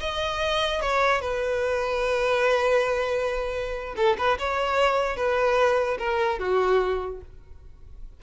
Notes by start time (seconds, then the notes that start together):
0.00 D#5
0.81 C#5
1.21 B4
3.96 A4
4.18 B4
4.39 C#5
5.16 B4
5.99 A#4
6.39 F#4